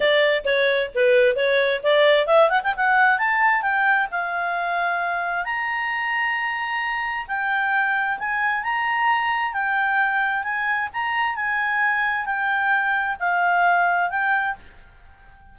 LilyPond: \new Staff \with { instrumentName = "clarinet" } { \time 4/4 \tempo 4 = 132 d''4 cis''4 b'4 cis''4 | d''4 e''8 fis''16 g''16 fis''4 a''4 | g''4 f''2. | ais''1 |
g''2 gis''4 ais''4~ | ais''4 g''2 gis''4 | ais''4 gis''2 g''4~ | g''4 f''2 g''4 | }